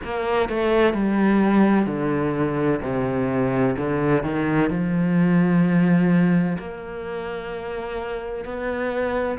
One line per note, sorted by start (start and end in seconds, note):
0.04 0.49 A#3
0.49 0.93 A3
0.93 1.86 G3
1.86 2.80 D3
2.81 3.75 C3
3.77 4.23 D3
4.23 4.70 D#3
4.70 6.57 F3
6.58 8.44 A#3
8.44 9.38 B3